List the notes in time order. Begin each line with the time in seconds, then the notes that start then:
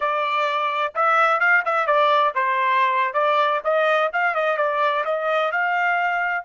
0.00 D5
0.94 E5
1.40 F5
1.65 E5
1.86 D5
2.35 C5
3.13 D5
3.64 D#5
4.12 F5
4.35 D#5
4.57 D5
5.05 D#5
5.51 F5